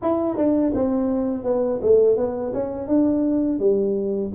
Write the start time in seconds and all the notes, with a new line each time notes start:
0.02 E4
0.36 D4
0.74 C4
1.43 B3
1.81 A3
2.17 B3
2.53 C#4
2.87 D4
3.59 G3